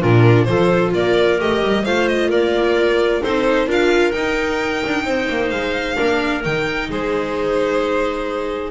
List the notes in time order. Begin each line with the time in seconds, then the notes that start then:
0.00 A#2 D4 F4 A#4
0.44 F3 F4 A4 C5
0.94 A#3 A#4 D5
1.38 A3 G4 D#5
1.63 G3
1.83 A3 F4 C5 F5
2.07 D#5
2.29 A#3 A#4 D5
3.21 C4 D#4 A4 C5
3.66 D4 F4 A#4 F5
4.11 D#4 G5
4.86 D4
5.04 C4 C5
5.29 A#3
5.50 G#3 F5
5.95 A#3 D4 A#4
6.43 D#3 D#4 G5
6.89 G#3 G#4 C5